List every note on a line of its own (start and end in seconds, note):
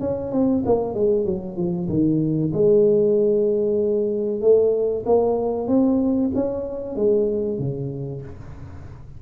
0.00 0.31 C#4
0.31 0.63 C4
0.65 0.94 A#3
0.94 1.25 G#3
1.25 1.56 F#3
1.56 1.88 F3
1.89 2.52 D#3
2.53 4.41 G#3
4.41 5.04 A3
5.06 5.67 A#3
5.67 6.30 C4
6.35 6.95 C#4
6.95 7.58 G#3
7.58 8.22 C#3